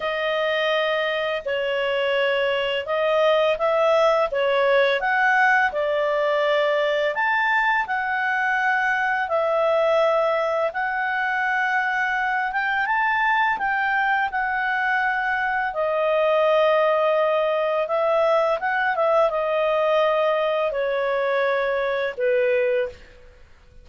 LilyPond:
\new Staff \with { instrumentName = "clarinet" } { \time 4/4 \tempo 4 = 84 dis''2 cis''2 | dis''4 e''4 cis''4 fis''4 | d''2 a''4 fis''4~ | fis''4 e''2 fis''4~ |
fis''4. g''8 a''4 g''4 | fis''2 dis''2~ | dis''4 e''4 fis''8 e''8 dis''4~ | dis''4 cis''2 b'4 | }